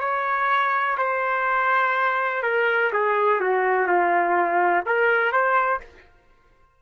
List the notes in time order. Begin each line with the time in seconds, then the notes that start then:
0.00 C#5
0.97 C5
2.42 A#4
2.93 G#4
3.40 F#4
3.87 F4
4.86 A#4
5.32 C5